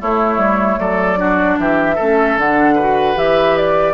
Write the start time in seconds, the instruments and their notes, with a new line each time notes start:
0.00 bassoon A3, clarinet A3, oboe E4, flute C#5
0.37 bassoon G3
0.78 bassoon F#3, oboe A4, flute D5
1.17 clarinet D4, oboe F#4
1.58 bassoon E3, oboe G4, flute E5
1.95 bassoon A3, clarinet C#4, oboe A4
2.37 bassoon D3, clarinet D4, flute F#5
2.74 clarinet F#4, oboe B4
3.15 bassoon E3, clarinet G4, flute E5
3.57 flute D5